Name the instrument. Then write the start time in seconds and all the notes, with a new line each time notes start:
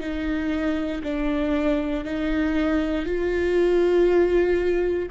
viola
0.00 D#4
1.03 D4
2.04 D#4
3.06 F4